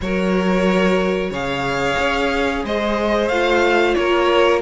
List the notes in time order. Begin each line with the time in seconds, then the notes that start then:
0.01 F#3 F#4 A#4 C#5
1.30 C#3 G#4 C#5 F5
1.98 C#4
2.64 G#3 C5 D#5
3.28 A3 F4 F5
3.93 A#3 A#4 C#5